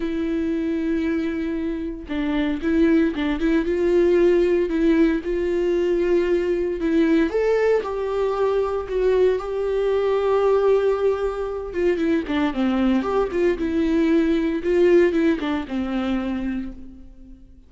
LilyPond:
\new Staff \with { instrumentName = "viola" } { \time 4/4 \tempo 4 = 115 e'1 | d'4 e'4 d'8 e'8 f'4~ | f'4 e'4 f'2~ | f'4 e'4 a'4 g'4~ |
g'4 fis'4 g'2~ | g'2~ g'8 f'8 e'8 d'8 | c'4 g'8 f'8 e'2 | f'4 e'8 d'8 c'2 | }